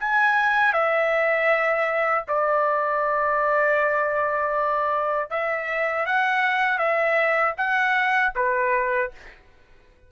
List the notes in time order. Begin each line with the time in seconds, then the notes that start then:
0.00 G#5
0.73 E5
2.28 D5
5.30 E5
6.06 F#5
6.78 E5
7.58 F#5
8.36 B4